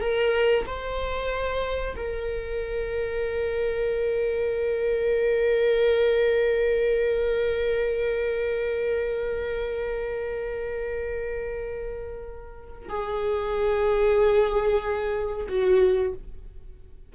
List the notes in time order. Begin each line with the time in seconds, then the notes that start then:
0.00 A#4
0.66 C5
1.96 A#4
12.89 G#4
15.48 F#4